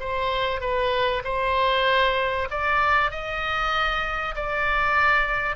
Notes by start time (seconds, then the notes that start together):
0.00 C5
0.61 B4
1.24 C5
2.51 D5
3.11 D#5
4.35 D5